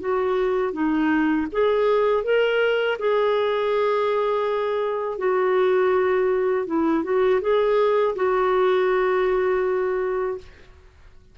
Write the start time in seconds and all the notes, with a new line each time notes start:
0.00 F#4
0.73 D#4
1.52 G#4
2.24 A#4
2.99 G#4
5.19 F#4
6.67 E4
7.04 F#4
7.41 G#4
8.16 F#4